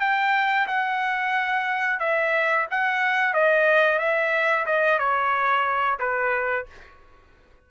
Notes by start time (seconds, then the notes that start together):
0.00 G5
0.67 F#5
1.99 E5
2.71 F#5
3.33 D#5
3.99 E5
4.66 D#5
4.99 C#5
5.99 B4